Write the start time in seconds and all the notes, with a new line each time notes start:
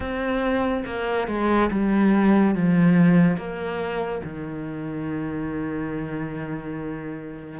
0.00 C4
0.85 A#3
1.27 G#3
1.71 G3
2.54 F3
3.37 A#3
4.23 D#3